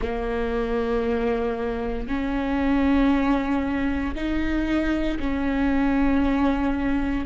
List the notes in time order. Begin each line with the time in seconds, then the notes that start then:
0.01 A#3
2.07 C#4
4.15 D#4
5.20 C#4